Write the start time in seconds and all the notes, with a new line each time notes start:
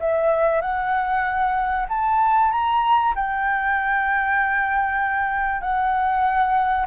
0.00 E5
0.61 F#5
1.89 A5
2.52 A#5
3.15 G5
5.61 F#5